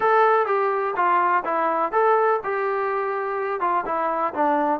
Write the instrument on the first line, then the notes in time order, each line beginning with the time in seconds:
trombone
0.00 A4
0.46 G4
0.95 F4
1.44 E4
1.92 A4
2.43 G4
3.60 F4
3.85 E4
4.33 D4